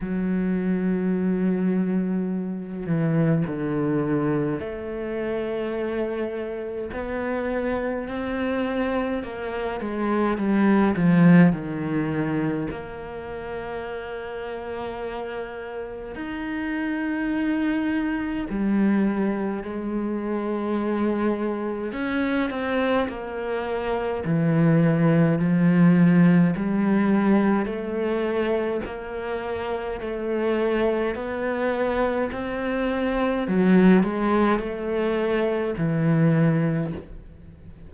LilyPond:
\new Staff \with { instrumentName = "cello" } { \time 4/4 \tempo 4 = 52 fis2~ fis8 e8 d4 | a2 b4 c'4 | ais8 gis8 g8 f8 dis4 ais4~ | ais2 dis'2 |
g4 gis2 cis'8 c'8 | ais4 e4 f4 g4 | a4 ais4 a4 b4 | c'4 fis8 gis8 a4 e4 | }